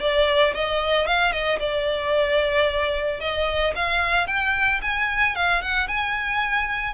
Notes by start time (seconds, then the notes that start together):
0.00 D5
0.54 D#5
1.07 F5
1.32 D#5
1.59 D5
3.20 D#5
3.75 F5
4.27 G5
4.81 G#5
5.35 F5
5.62 F#5
5.88 G#5